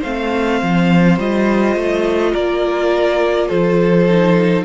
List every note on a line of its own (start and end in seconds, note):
0.00 0.62 A3
0.00 1.20 C4
0.00 2.31 C5
0.00 1.18 F5
0.62 1.19 F3
1.19 1.76 G3
1.19 4.08 F4
1.19 2.34 D#5
1.76 2.34 A3
2.33 3.50 A#3
2.33 3.48 A#4
2.33 3.48 D5
3.48 4.65 F3
3.48 4.63 A4
3.48 4.64 C5
4.09 4.65 D#4